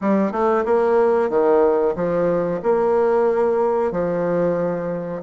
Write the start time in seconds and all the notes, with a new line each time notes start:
0.01 G3
0.31 A3
0.65 A#3
1.29 D#3
1.95 F3
2.63 A#3
3.91 F3